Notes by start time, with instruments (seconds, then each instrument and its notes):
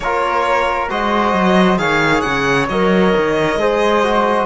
0.00 cello A#3, trombone F4, flute A#4, violin C#5
0.89 cello G#3, trombone F#4, flute C5, violin D#5
1.33 cello F#3
1.78 cello D#3, trombone G#4, flute C#5, violin F5
2.21 cello C#3, violin F#5
2.68 cello F#3, trombone A#4, violin D#5
3.16 cello D#3
3.56 cello G#3, trombone G#4, flute C5
4.03 trombone F#4